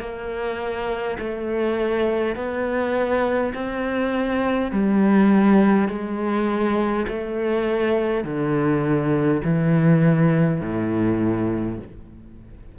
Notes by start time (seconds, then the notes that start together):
0.00 A#3
1.19 A3
2.36 B3
3.53 C4
4.72 G3
5.88 G#3
7.08 A3
8.24 D3
9.44 E3
10.60 A2